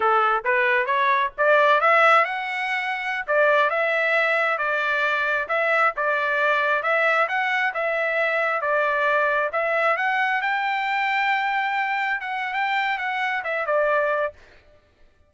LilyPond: \new Staff \with { instrumentName = "trumpet" } { \time 4/4 \tempo 4 = 134 a'4 b'4 cis''4 d''4 | e''4 fis''2~ fis''16 d''8.~ | d''16 e''2 d''4.~ d''16~ | d''16 e''4 d''2 e''8.~ |
e''16 fis''4 e''2 d''8.~ | d''4~ d''16 e''4 fis''4 g''8.~ | g''2.~ g''16 fis''8. | g''4 fis''4 e''8 d''4. | }